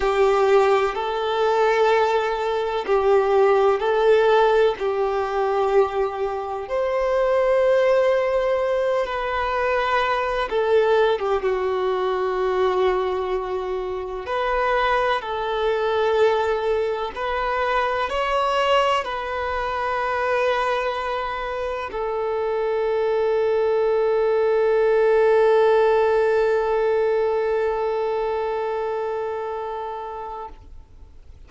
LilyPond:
\new Staff \with { instrumentName = "violin" } { \time 4/4 \tempo 4 = 63 g'4 a'2 g'4 | a'4 g'2 c''4~ | c''4. b'4. a'8. g'16 | fis'2. b'4 |
a'2 b'4 cis''4 | b'2. a'4~ | a'1~ | a'1 | }